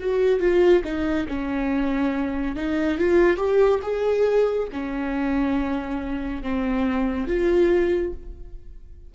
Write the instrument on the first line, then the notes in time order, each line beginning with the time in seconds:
viola
0.00 F#4
0.40 F4
0.84 D#4
1.28 C#4
2.56 D#4
2.98 F4
3.37 G4
3.82 G#4
4.72 C#4
6.43 C4
7.27 F4